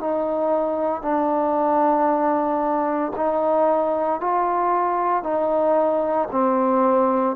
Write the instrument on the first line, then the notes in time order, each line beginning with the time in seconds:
trombone
0.00 D#4
1.02 D4
3.16 D#4
4.21 F4
5.23 D#4
6.31 C4